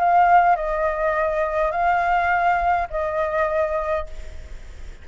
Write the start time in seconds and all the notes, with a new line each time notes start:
0.00 F5
0.56 D#5
1.72 F5
2.90 D#5